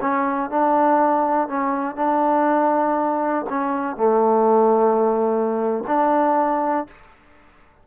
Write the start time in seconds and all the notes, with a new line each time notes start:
0.00 C#4
0.50 D4
1.48 C#4
1.95 D4
3.49 C#4
3.96 A3
5.87 D4